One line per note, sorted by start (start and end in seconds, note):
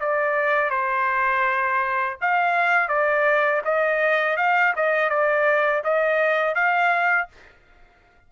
0.00 0.70 D5
0.70 2.17 C5
2.22 2.89 F5
2.89 3.62 D5
3.65 4.37 D#5
4.37 4.74 F5
4.76 5.10 D#5
5.10 5.83 D5
5.84 6.55 D#5
6.55 7.28 F5